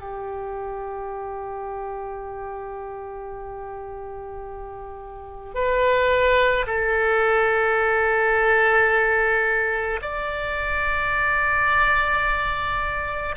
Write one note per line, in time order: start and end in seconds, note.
0.00 5.55 G4
5.55 6.66 B4
6.67 10.00 A4
10.02 13.35 D5